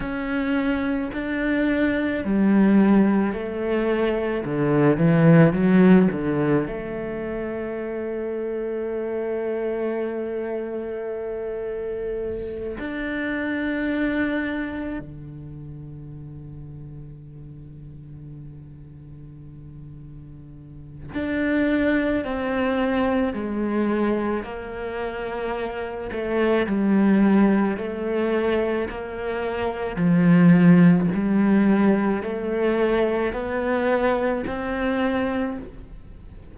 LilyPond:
\new Staff \with { instrumentName = "cello" } { \time 4/4 \tempo 4 = 54 cis'4 d'4 g4 a4 | d8 e8 fis8 d8 a2~ | a2.~ a8 d'8~ | d'4. d2~ d8~ |
d2. d'4 | c'4 gis4 ais4. a8 | g4 a4 ais4 f4 | g4 a4 b4 c'4 | }